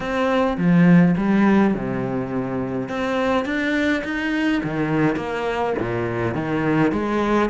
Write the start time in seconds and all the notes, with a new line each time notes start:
0.00 C4
0.57 F3
1.17 G3
1.74 C3
2.88 C4
3.45 D4
4.04 D#4
4.63 D#3
5.16 A#3
5.78 A#2
6.34 D#3
6.92 G#3